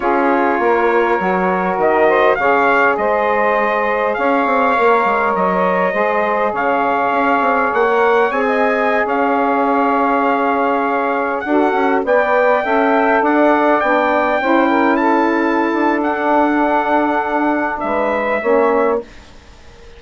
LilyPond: <<
  \new Staff \with { instrumentName = "trumpet" } { \time 4/4 \tempo 4 = 101 cis''2. dis''4 | f''4 dis''2 f''4~ | f''4 dis''2 f''4~ | f''4 fis''4 gis''4~ gis''16 f''8.~ |
f''2.~ f''16 fis''8.~ | fis''16 g''2 fis''4 g''8.~ | g''4~ g''16 a''4.~ a''16 fis''4~ | fis''2 e''2 | }
  \new Staff \with { instrumentName = "saxophone" } { \time 4/4 gis'4 ais'2~ ais'8 c''8 | cis''4 c''2 cis''4~ | cis''2 c''4 cis''4~ | cis''2~ cis''16 dis''4 cis''8.~ |
cis''2.~ cis''16 a'8.~ | a'16 d''4 e''4 d''4.~ d''16~ | d''16 c''8 ais'8 a'2~ a'8.~ | a'2 b'4 cis''4 | }
  \new Staff \with { instrumentName = "saxophone" } { \time 4/4 f'2 fis'2 | gis'1 | ais'2 gis'2~ | gis'4~ gis'16 ais'8. gis'2~ |
gis'2.~ gis'16 fis'8.~ | fis'16 b'4 a'2 d'8.~ | d'16 e'2~ e'8. d'4~ | d'2. cis'4 | }
  \new Staff \with { instrumentName = "bassoon" } { \time 4/4 cis'4 ais4 fis4 dis4 | cis4 gis2 cis'8 c'8 | ais8 gis8 fis4 gis4 cis4 | cis'8 c'8 ais4 c'4~ c'16 cis'8.~ |
cis'2.~ cis'16 d'8 cis'16~ | cis'16 b4 cis'4 d'4 b8.~ | b16 cis'2~ cis'16 d'4.~ | d'2 gis4 ais4 | }
>>